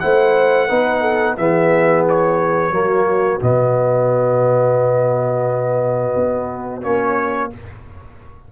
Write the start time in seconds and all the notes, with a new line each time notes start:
0.00 A3 E4 C5 F#5
0.68 B3 D#4 B4
1.01 A4
1.37 E3 B3 G#4 E5
2.09 C#5
2.71 F#3 A#3 F#4
3.41 B2 B3 D#5
6.16 B3
6.82 A#3 C#4 C#5